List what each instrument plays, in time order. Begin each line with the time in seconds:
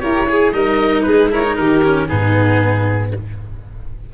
0.00 tuba E4, cello G4, violin A#4, oboe C#5
0.27 cello G#4, violin G#4
0.52 tuba G3, cello D#4, violin A#4, oboe D#5
1.02 tuba G#3, violin G#4, oboe B4
1.30 cello E4, violin A#4, oboe C#5
1.43 cello D#4
1.56 tuba D#3, violin G4, oboe A#4
1.84 cello C#4
2.08 tuba G#2, cello B3, violin D#4, oboe G#4